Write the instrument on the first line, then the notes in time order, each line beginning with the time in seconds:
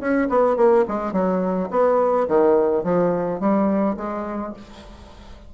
bassoon
0.00 C#4
0.29 B3
0.57 A#3
0.88 G#3
1.13 F#3
1.71 B3
2.28 D#3
2.84 F3
3.40 G3
3.97 G#3